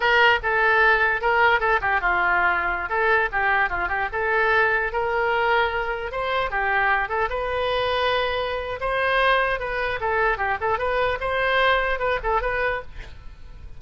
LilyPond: \new Staff \with { instrumentName = "oboe" } { \time 4/4 \tempo 4 = 150 ais'4 a'2 ais'4 | a'8 g'8 f'2~ f'16 a'8.~ | a'16 g'4 f'8 g'8 a'4.~ a'16~ | a'16 ais'2. c''8.~ |
c''16 g'4. a'8 b'4.~ b'16~ | b'2 c''2 | b'4 a'4 g'8 a'8 b'4 | c''2 b'8 a'8 b'4 | }